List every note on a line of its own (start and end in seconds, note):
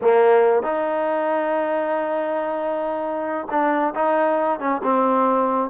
0.01 0.63 A#3
0.63 3.47 D#4
3.50 3.94 D4
3.94 4.59 D#4
4.59 4.81 C#4
4.83 5.70 C4